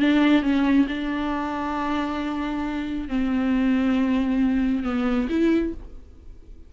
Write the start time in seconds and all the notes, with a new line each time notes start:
0.00 D4
0.42 C#4
0.88 D4
3.09 C4
4.84 B3
5.29 E4